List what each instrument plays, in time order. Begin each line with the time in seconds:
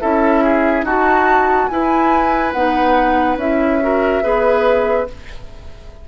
0.00 bassoon C#4, clarinet E4, oboe A4, flute E5
0.43 oboe G#4
0.82 bassoon D#4, oboe F#4, clarinet F#4, flute A5
1.67 clarinet E4, bassoon E4, oboe B4, flute G#5
2.52 bassoon B3, clarinet D#4, flute F#5
3.36 bassoon C#4, clarinet E4, flute E5
3.81 clarinet F#4, oboe A#4
4.23 bassoon B3, clarinet G#4, oboe B4